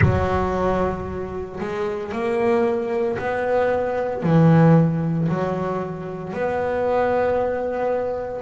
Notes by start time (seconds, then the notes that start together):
0.01 F#3
1.60 G#3
2.12 A#3
3.18 B3
4.22 E3
5.28 F#3
6.33 B3